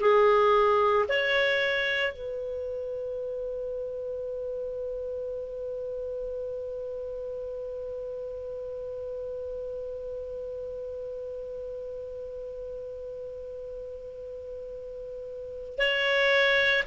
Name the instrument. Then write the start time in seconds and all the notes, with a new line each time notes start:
clarinet
0.00 G#4
1.09 C#5
2.13 B4
15.78 C#5